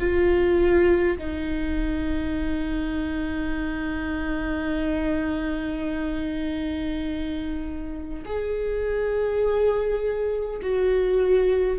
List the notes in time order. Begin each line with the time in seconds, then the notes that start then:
0.00 F4
1.18 D#4
8.25 G#4
10.62 F#4